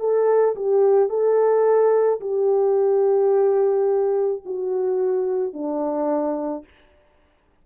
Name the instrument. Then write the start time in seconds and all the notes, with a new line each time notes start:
horn
0.00 A4
0.56 G4
1.09 A4
2.21 G4
4.45 F#4
5.54 D4